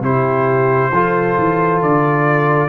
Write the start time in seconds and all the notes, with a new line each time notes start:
0.00 C3 E4 G4 C5
0.92 F3 F4 A4
1.38 E3
1.82 D3 D5